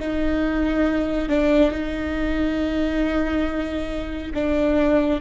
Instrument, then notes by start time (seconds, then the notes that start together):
viola
0.00 D#4
1.29 D4
1.72 D#4
4.34 D4